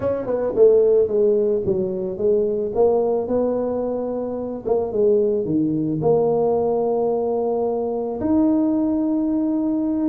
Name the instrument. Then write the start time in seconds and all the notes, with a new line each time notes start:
tuba
0.00 C#4
0.26 B3
0.55 A3
1.07 G#3
1.65 F#3
2.17 G#3
2.74 A#3
3.27 B3
4.65 A#3
4.91 G#3
5.45 D#3
6.01 A#3
8.20 D#4